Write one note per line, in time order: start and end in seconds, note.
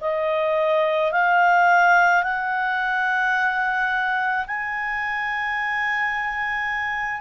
0.00 1.11 D#5
1.12 2.23 F5
2.23 4.45 F#5
4.46 7.21 G#5